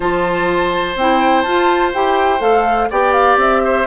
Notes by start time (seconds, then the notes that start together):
0.00 F3 F4 C5 A5
0.95 C4 E4 G5
1.42 F4 A5
1.93 E4 G4 G5
2.38 A3 A4 F5
2.90 B3 G4 D5 G5
3.12 F5
3.36 C4 E5
3.64 C5